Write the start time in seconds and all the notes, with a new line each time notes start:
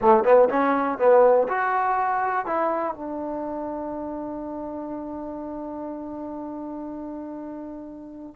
0.01 A3
0.24 B3
0.49 C#4
0.98 B3
1.48 F#4
2.45 E4
2.94 D4